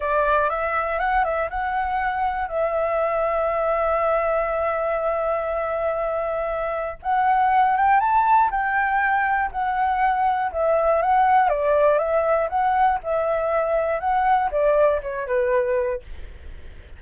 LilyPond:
\new Staff \with { instrumentName = "flute" } { \time 4/4 \tempo 4 = 120 d''4 e''4 fis''8 e''8 fis''4~ | fis''4 e''2.~ | e''1~ | e''2 fis''4. g''8 |
a''4 g''2 fis''4~ | fis''4 e''4 fis''4 d''4 | e''4 fis''4 e''2 | fis''4 d''4 cis''8 b'4. | }